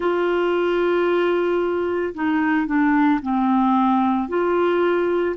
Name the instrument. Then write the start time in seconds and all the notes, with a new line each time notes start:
clarinet
0.00 F4
2.14 D#4
2.66 D4
3.21 C4
4.28 F4